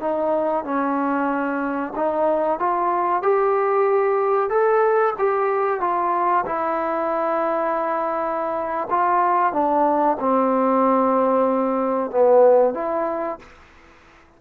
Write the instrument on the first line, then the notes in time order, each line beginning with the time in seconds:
trombone
0.00 D#4
0.65 C#4
1.96 D#4
2.59 F4
3.22 G4
4.50 A4
5.18 G4
5.80 F4
6.46 E4
8.90 F4
9.53 D4
10.20 C4
12.11 B3
12.74 E4